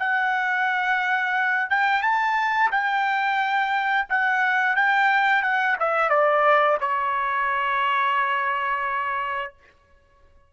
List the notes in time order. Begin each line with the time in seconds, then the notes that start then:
0.00 F#5
1.70 G5
2.03 A5
2.71 G5
4.09 F#5
4.77 G5
5.43 F#5
5.80 E5
6.10 D5
6.81 C#5